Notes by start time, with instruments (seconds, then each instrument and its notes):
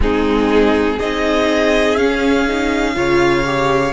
0.00 cello G#3, viola C4, violin D#4 G#4
0.97 cello C4, viola D#4, violin G#4 D#5
1.96 viola C#4, cello C#4, violin F5
2.47 viola D#4
2.94 cello C#3, viola F4, violin C#5
3.45 viola G4